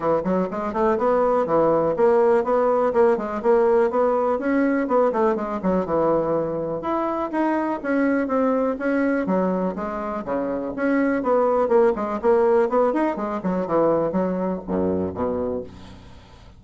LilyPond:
\new Staff \with { instrumentName = "bassoon" } { \time 4/4 \tempo 4 = 123 e8 fis8 gis8 a8 b4 e4 | ais4 b4 ais8 gis8 ais4 | b4 cis'4 b8 a8 gis8 fis8 | e2 e'4 dis'4 |
cis'4 c'4 cis'4 fis4 | gis4 cis4 cis'4 b4 | ais8 gis8 ais4 b8 dis'8 gis8 fis8 | e4 fis4 fis,4 b,4 | }